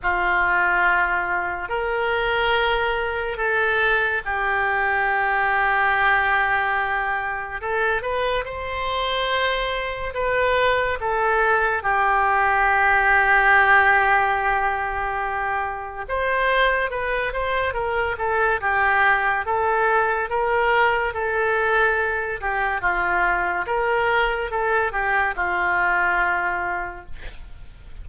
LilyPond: \new Staff \with { instrumentName = "oboe" } { \time 4/4 \tempo 4 = 71 f'2 ais'2 | a'4 g'2.~ | g'4 a'8 b'8 c''2 | b'4 a'4 g'2~ |
g'2. c''4 | b'8 c''8 ais'8 a'8 g'4 a'4 | ais'4 a'4. g'8 f'4 | ais'4 a'8 g'8 f'2 | }